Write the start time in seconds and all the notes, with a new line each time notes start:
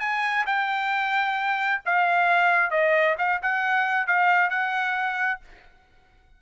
0.00 G#5
0.46 G5
1.85 F5
2.71 D#5
3.18 F5
3.42 F#5
4.07 F5
4.50 F#5